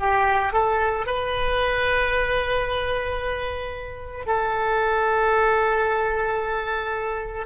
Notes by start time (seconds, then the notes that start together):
0.00 G4
0.53 A4
1.07 B4
4.27 A4